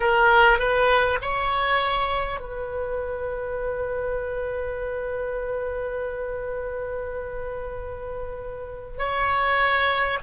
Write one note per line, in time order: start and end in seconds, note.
0.00 0.58 A#4
0.58 1.18 B4
1.21 2.39 C#5
2.39 8.98 B4
8.98 10.18 C#5